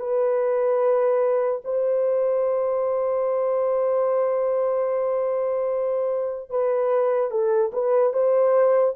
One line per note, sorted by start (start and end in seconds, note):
0.00 1.62 B4
1.65 6.50 C5
6.50 7.31 B4
7.31 7.72 A4
7.73 8.14 B4
8.14 8.95 C5